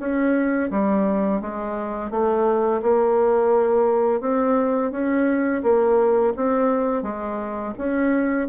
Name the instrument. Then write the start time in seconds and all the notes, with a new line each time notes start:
bassoon
0.00 C#4
0.71 G3
1.41 G#3
2.11 A3
2.83 A#3
4.21 C4
4.92 C#4
5.63 A#3
6.37 C4
7.03 G#3
7.78 C#4